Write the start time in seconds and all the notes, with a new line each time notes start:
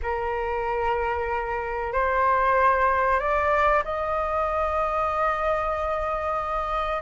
0.02 A#4
1.92 C5
3.19 D5
3.84 D#5